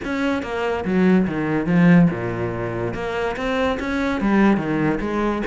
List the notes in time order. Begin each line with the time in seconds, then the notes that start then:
0.04 C#4
0.42 A#3
0.84 F#3
1.27 D#3
1.66 F3
2.10 A#2
2.94 A#3
3.36 C4
3.79 C#4
4.21 G3
4.57 D#3
5.00 G#3